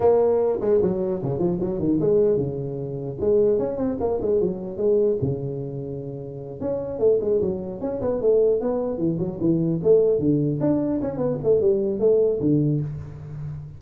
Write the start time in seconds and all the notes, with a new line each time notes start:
0.00 A#3
0.60 G#3
0.82 F#3
1.22 C#3
1.38 F3
1.60 F#3
1.79 D#3
2.00 G#3
2.37 C#3
3.20 G#3
3.58 C#4
3.77 C4
4.00 A#3
4.21 G#3
4.40 F#3
4.77 G#3
5.21 C#3
6.60 C#4
6.99 A3
7.21 G#3
7.41 F#3
7.80 C#4
8.01 B3
8.21 A3
8.61 B3
8.98 E3
9.18 F#3
9.40 E3
9.83 A3
10.19 D3
10.60 D4
11.01 C#4
11.17 B3
11.43 A3
11.61 G3
11.99 A3
12.40 D3